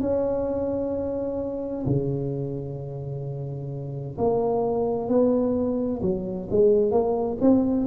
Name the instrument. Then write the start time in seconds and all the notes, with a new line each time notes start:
tuba
0.00 C#4
1.86 C#3
4.17 A#3
5.09 B3
6.02 F#3
6.50 G#3
6.91 A#3
7.41 C4